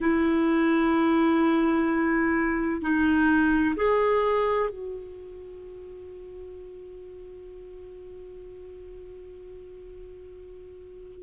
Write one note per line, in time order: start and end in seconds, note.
0.00 2.81 E4
2.81 3.75 D#4
3.76 4.69 G#4
4.69 11.23 F#4